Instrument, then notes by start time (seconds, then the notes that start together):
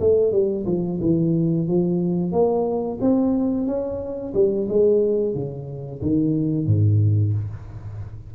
tuba
0.00 A3
0.32 G3
0.66 F3
1.01 E3
1.68 F3
2.32 A#3
3.01 C4
3.67 C#4
4.34 G3
4.69 G#3
5.35 C#3
6.02 D#3
6.67 G#2